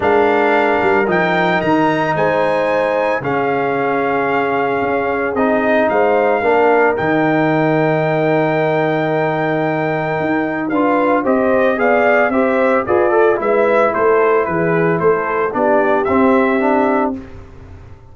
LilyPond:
<<
  \new Staff \with { instrumentName = "trumpet" } { \time 4/4 \tempo 4 = 112 f''2 g''4 ais''4 | gis''2 f''2~ | f''2 dis''4 f''4~ | f''4 g''2.~ |
g''1 | f''4 dis''4 f''4 e''4 | d''4 e''4 c''4 b'4 | c''4 d''4 e''2 | }
  \new Staff \with { instrumentName = "horn" } { \time 4/4 ais'1 | c''2 gis'2~ | gis'2. c''4 | ais'1~ |
ais'1 | b'4 c''4 d''4 c''4 | b'8 a'8 b'4 a'4 gis'4 | a'4 g'2. | }
  \new Staff \with { instrumentName = "trombone" } { \time 4/4 d'2 dis'2~ | dis'2 cis'2~ | cis'2 dis'2 | d'4 dis'2.~ |
dis'1 | f'4 g'4 gis'4 g'4 | gis'8 a'8 e'2.~ | e'4 d'4 c'4 d'4 | }
  \new Staff \with { instrumentName = "tuba" } { \time 4/4 gis4. g8 f4 dis4 | gis2 cis2~ | cis4 cis'4 c'4 gis4 | ais4 dis2.~ |
dis2. dis'4 | d'4 c'4 b4 c'4 | f'4 gis4 a4 e4 | a4 b4 c'2 | }
>>